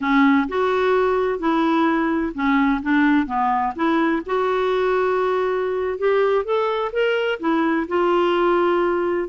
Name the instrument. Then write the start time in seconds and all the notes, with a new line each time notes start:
clarinet
0.00 C#4
0.48 F#4
1.39 E4
2.34 C#4
2.82 D4
3.26 B3
3.75 E4
4.25 F#4
5.98 G4
6.44 A4
6.92 A#4
7.39 E4
7.87 F4